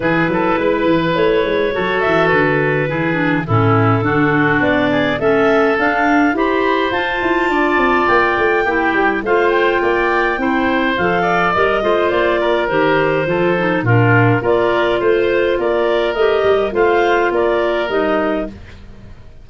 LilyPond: <<
  \new Staff \with { instrumentName = "clarinet" } { \time 4/4 \tempo 4 = 104 b'2 cis''4. e''8 | b'2 a'2 | d''4 e''4 f''4 b''4 | a''2 g''2 |
f''8 g''2~ g''8 f''4 | dis''4 d''4 c''2 | ais'4 d''4 c''4 d''4 | dis''4 f''4 d''4 dis''4 | }
  \new Staff \with { instrumentName = "oboe" } { \time 4/4 gis'8 a'8 b'2 a'4~ | a'4 gis'4 e'4 fis'4~ | fis'8 gis'8 a'2 c''4~ | c''4 d''2 g'4 |
c''4 d''4 c''4. d''8~ | d''8 c''4 ais'4. a'4 | f'4 ais'4 c''4 ais'4~ | ais'4 c''4 ais'2 | }
  \new Staff \with { instrumentName = "clarinet" } { \time 4/4 e'2. fis'4~ | fis'4 e'8 d'8 cis'4 d'4~ | d'4 cis'4 d'4 g'4 | f'2. e'4 |
f'2 e'4 a'4 | ais'8 f'4. g'4 f'8 dis'8 | d'4 f'2. | g'4 f'2 dis'4 | }
  \new Staff \with { instrumentName = "tuba" } { \time 4/4 e8 fis8 gis8 e8 a8 gis8 fis8 e8 | d4 e4 a,4 d4 | b4 a4 d'4 e'4 | f'8 e'8 d'8 c'8 ais8 a8 ais8 g8 |
a4 ais4 c'4 f4 | g8 a8 ais4 dis4 f4 | ais,4 ais4 a4 ais4 | a8 g8 a4 ais4 g4 | }
>>